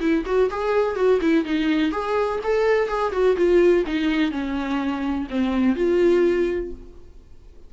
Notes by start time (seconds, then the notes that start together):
0.00 E4
0.26 F#4
0.50 G#4
0.96 F#4
1.21 E4
1.44 D#4
1.91 G#4
2.43 A4
2.88 G#4
3.12 F#4
3.36 F4
3.86 D#4
4.31 C#4
5.30 C4
5.75 F4